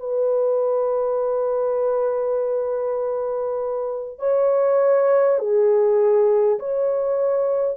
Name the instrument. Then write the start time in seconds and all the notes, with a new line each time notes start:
horn
0.00 B4
4.19 C#5
5.39 G#4
6.60 C#5